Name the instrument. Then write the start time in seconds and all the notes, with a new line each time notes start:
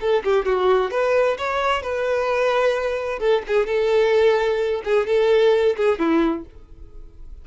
violin
0.00 A4
0.24 G4
0.45 F#4
0.91 B4
1.38 C#5
1.82 B4
3.19 A4
3.47 G#4
3.66 A4
4.84 G#4
5.06 A4
5.76 G#4
5.99 E4